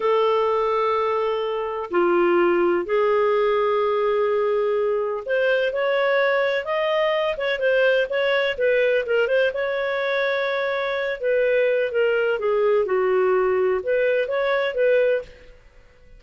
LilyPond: \new Staff \with { instrumentName = "clarinet" } { \time 4/4 \tempo 4 = 126 a'1 | f'2 gis'2~ | gis'2. c''4 | cis''2 dis''4. cis''8 |
c''4 cis''4 b'4 ais'8 c''8 | cis''2.~ cis''8 b'8~ | b'4 ais'4 gis'4 fis'4~ | fis'4 b'4 cis''4 b'4 | }